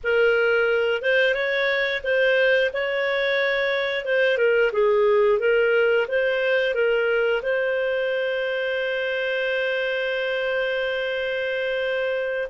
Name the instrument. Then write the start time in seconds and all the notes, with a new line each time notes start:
clarinet
0.03 A#4
1.01 C5
1.34 C#5
2.03 C5
2.73 C#5
4.04 C5
4.37 A#4
4.72 G#4
5.39 A#4
6.08 C5
6.74 A#4
7.42 C5